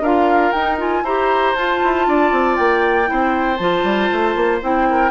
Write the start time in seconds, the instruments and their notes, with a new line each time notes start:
0.00 bassoon D4, clarinet F4, oboe A#4, flute F5
0.51 bassoon D#4, clarinet D#4, flute G5
0.78 clarinet F4, flute G#5
1.03 bassoon E4, clarinet G4, oboe C5, flute A#5
1.55 bassoon F4, clarinet F4, flute A5
1.83 bassoon E4
2.07 bassoon D4, oboe D5
2.31 bassoon C4
2.56 bassoon A#3, flute G5
3.06 bassoon C4, clarinet E4, oboe C5
3.56 bassoon F3, clarinet F4, flute A5
3.83 bassoon G3
4.12 bassoon A3
4.35 bassoon A#3
4.62 bassoon C4, clarinet E4, flute G5
4.90 oboe A#4